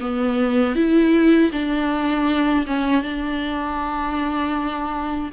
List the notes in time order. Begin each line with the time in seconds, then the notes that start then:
0.00 B3
0.75 E4
1.52 D4
2.67 C#4
3.03 D4